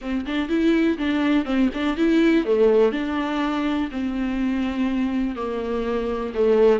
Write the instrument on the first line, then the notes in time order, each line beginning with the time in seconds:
viola
0.01 C4
0.26 D4
0.48 E4
0.98 D4
1.45 C4
1.73 D4
1.96 E4
2.45 A3
2.92 D4
3.91 C4
5.35 A#3
6.34 A3